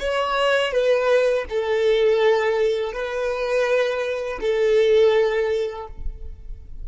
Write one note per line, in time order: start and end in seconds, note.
0.00 0.73 C#5
0.73 1.46 B4
1.50 2.93 A4
2.93 4.39 B4
4.41 5.87 A4